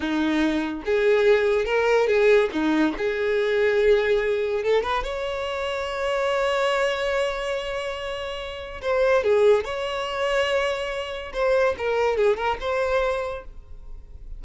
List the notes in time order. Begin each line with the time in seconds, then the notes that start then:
0.00 D#4
0.85 G#4
1.65 A#4
2.07 G#4
2.52 D#4
2.97 G#4
4.63 A4
4.83 B4
5.03 C#5
8.81 C5
9.23 G#4
9.64 C#5
11.33 C5
11.77 A#4
12.17 G#4
12.36 A#4
12.60 C5